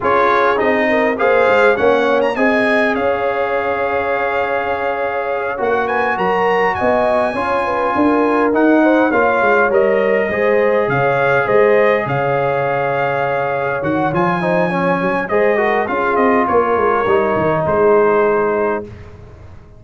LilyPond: <<
  \new Staff \with { instrumentName = "trumpet" } { \time 4/4 \tempo 4 = 102 cis''4 dis''4 f''4 fis''8. ais''16 | gis''4 f''2.~ | f''4. fis''8 gis''8 ais''4 gis''8~ | gis''2~ gis''8 fis''4 f''8~ |
f''8 dis''2 f''4 dis''8~ | dis''8 f''2. fis''8 | gis''2 dis''4 f''8 dis''8 | cis''2 c''2 | }
  \new Staff \with { instrumentName = "horn" } { \time 4/4 gis'4. ais'8 c''4 cis''4 | dis''4 cis''2.~ | cis''2 b'8 ais'4 dis''8~ | dis''8 cis''8 b'8 ais'4. c''8 cis''8~ |
cis''4. c''4 cis''4 c''8~ | c''8 cis''2.~ cis''8~ | cis''8 c''8 cis''4 c''8 ais'8 gis'4 | ais'2 gis'2 | }
  \new Staff \with { instrumentName = "trombone" } { \time 4/4 f'4 dis'4 gis'4 cis'4 | gis'1~ | gis'4. fis'2~ fis'8~ | fis'8 f'2 dis'4 f'8~ |
f'8 ais'4 gis'2~ gis'8~ | gis'2.~ gis'8 fis'8 | f'8 dis'8 cis'4 gis'8 fis'8 f'4~ | f'4 dis'2. | }
  \new Staff \with { instrumentName = "tuba" } { \time 4/4 cis'4 c'4 ais8 gis8 ais4 | c'4 cis'2.~ | cis'4. ais4 fis4 b8~ | b8 cis'4 d'4 dis'4 ais8 |
gis8 g4 gis4 cis4 gis8~ | gis8 cis2. dis8 | f4. fis8 gis4 cis'8 c'8 | ais8 gis8 g8 dis8 gis2 | }
>>